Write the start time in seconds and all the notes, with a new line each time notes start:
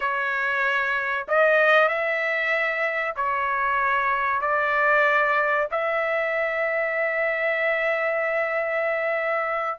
0.00 C#5
1.28 D#5
1.88 E5
3.16 C#5
4.41 D5
5.71 E5